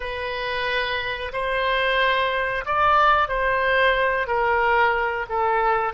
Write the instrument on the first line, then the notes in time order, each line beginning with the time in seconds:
oboe
0.00 B4
1.32 C5
2.65 D5
3.28 C5
4.27 A#4
5.29 A4